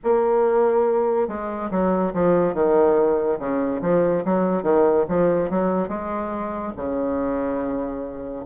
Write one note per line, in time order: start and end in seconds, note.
0.03 1.28 A#3
1.28 1.70 G#3
1.71 2.13 F#3
2.13 2.54 F3
2.54 3.38 D#3
3.39 3.81 C#3
3.81 4.23 F3
4.24 4.62 F#3
4.62 5.05 D#3
5.08 5.49 F3
5.49 5.88 F#3
5.88 6.73 G#3
6.76 8.45 C#3